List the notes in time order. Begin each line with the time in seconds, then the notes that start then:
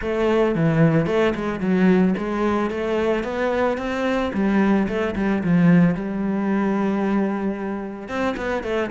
0.01 A3
0.55 E3
1.06 A3
1.35 G#3
1.60 F#3
2.17 G#3
2.70 A3
3.23 B3
3.77 C4
4.33 G3
4.87 A3
5.15 G3
5.43 F3
5.95 G3
8.08 C4
8.36 B3
8.63 A3